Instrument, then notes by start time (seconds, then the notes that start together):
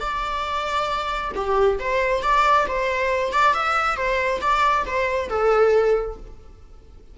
viola
0.00 D5
1.35 G4
1.79 C5
2.22 D5
2.68 C5
3.32 D5
3.53 E5
3.96 C5
4.41 D5
4.85 C5
5.29 A4